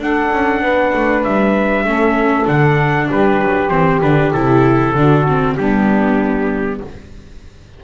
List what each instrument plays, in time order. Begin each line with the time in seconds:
0.00 double bass D4, viola D4, saxophone A4, trumpet F#5
0.32 double bass C#4
0.62 double bass B3, saxophone B4
0.94 double bass A3
1.24 double bass G3, trumpet E5
1.85 double bass A3, viola C#4, saxophone A4
2.46 double bass D3, viola D4, trumpet F#5
3.09 double bass G3, saxophone G4, trumpet B4
3.42 double bass F#3
3.70 double bass E3, viola C4, trumpet C5
4.02 double bass D3, viola D4, trumpet B4
4.33 double bass C3, viola E4, trumpet A4
4.94 double bass D3, viola D4, saxophone F#4
5.29 viola C4
5.57 double bass G3, viola B3, saxophone D4, trumpet G4